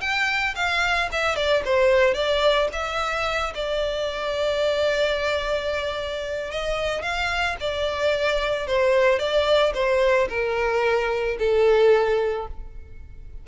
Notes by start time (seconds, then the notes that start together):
0.00 G5
0.55 F5
1.11 E5
1.35 D5
1.65 C5
2.14 D5
2.72 E5
3.54 D5
6.51 D#5
7.02 F5
7.60 D5
8.67 C5
9.19 D5
9.74 C5
10.29 A#4
11.39 A4